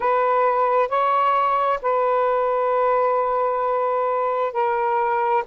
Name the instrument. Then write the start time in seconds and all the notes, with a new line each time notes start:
saxophone
0.00 B4
0.88 C#5
1.82 B4
4.52 A#4